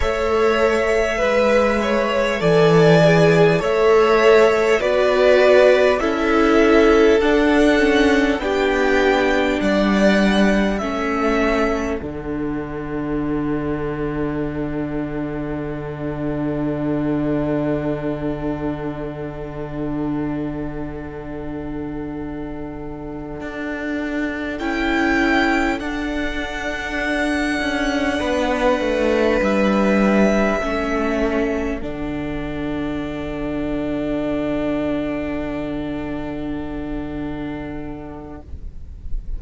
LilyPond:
<<
  \new Staff \with { instrumentName = "violin" } { \time 4/4 \tempo 4 = 50 e''2 gis''4 e''4 | d''4 e''4 fis''4 g''4 | fis''4 e''4 fis''2~ | fis''1~ |
fis''1~ | fis''8 g''4 fis''2~ fis''8~ | fis''8 e''2 fis''4.~ | fis''1 | }
  \new Staff \with { instrumentName = "violin" } { \time 4/4 cis''4 b'8 cis''8 d''4 cis''4 | b'4 a'2 g'4 | d''4 a'2.~ | a'1~ |
a'1~ | a'2.~ a'8 b'8~ | b'4. a'2~ a'8~ | a'1 | }
  \new Staff \with { instrumentName = "viola" } { \time 4/4 a'4 b'4 a'8 gis'8 a'4 | fis'4 e'4 d'8 cis'8 d'4~ | d'4 cis'4 d'2~ | d'1~ |
d'1~ | d'8 e'4 d'2~ d'8~ | d'4. cis'4 d'4.~ | d'1 | }
  \new Staff \with { instrumentName = "cello" } { \time 4/4 a4 gis4 e4 a4 | b4 cis'4 d'4 b4 | g4 a4 d2~ | d1~ |
d2.~ d8 d'8~ | d'8 cis'4 d'4. cis'8 b8 | a8 g4 a4 d4.~ | d1 | }
>>